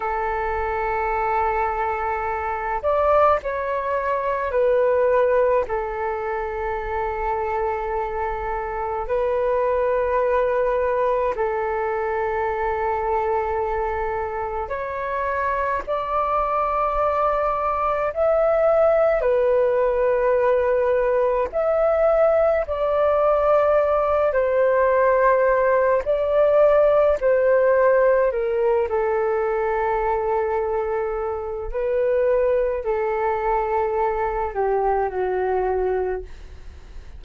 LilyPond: \new Staff \with { instrumentName = "flute" } { \time 4/4 \tempo 4 = 53 a'2~ a'8 d''8 cis''4 | b'4 a'2. | b'2 a'2~ | a'4 cis''4 d''2 |
e''4 b'2 e''4 | d''4. c''4. d''4 | c''4 ais'8 a'2~ a'8 | b'4 a'4. g'8 fis'4 | }